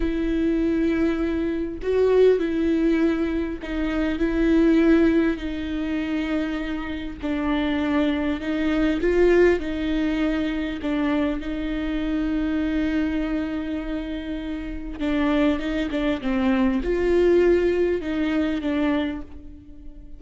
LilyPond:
\new Staff \with { instrumentName = "viola" } { \time 4/4 \tempo 4 = 100 e'2. fis'4 | e'2 dis'4 e'4~ | e'4 dis'2. | d'2 dis'4 f'4 |
dis'2 d'4 dis'4~ | dis'1~ | dis'4 d'4 dis'8 d'8 c'4 | f'2 dis'4 d'4 | }